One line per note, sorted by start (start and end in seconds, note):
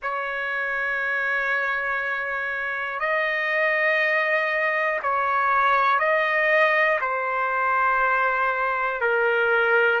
0.02 2.99 C#5
2.99 4.99 D#5
5.03 5.99 C#5
5.99 6.99 D#5
7.00 9.00 C5
9.00 10.00 A#4